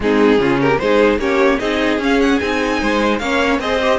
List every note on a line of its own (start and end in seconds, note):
0.00 0.38 G#3
0.00 0.38 C4
0.00 0.40 D#4
0.00 0.61 G#4
0.38 0.78 C#3
0.38 0.78 C#4
0.38 0.60 F4
0.61 0.81 G4
0.61 0.78 A#4
0.78 1.18 G#3
0.78 1.19 D#4
0.78 1.20 G#4
0.78 1.18 C5
1.18 1.58 A#3
1.18 1.59 C#4
1.18 1.60 G4
1.18 1.59 C#5
1.59 1.98 C4
1.59 2.00 D#4
1.59 2.79 G#4
1.59 1.99 D#5
1.98 2.38 C#4
1.98 2.39 C#4
1.98 2.20 F5
2.20 2.39 F#5
2.39 2.81 C4
2.39 3.19 D#4
2.39 3.18 G#5
2.79 3.19 G#3
2.79 3.19 C5
3.18 3.58 A#3
3.18 3.60 C#4
3.18 3.60 C#5
3.18 3.58 F5
3.58 3.98 C4
3.58 3.80 G#4
3.58 3.98 C5
3.58 3.98 D#5
3.81 3.98 G4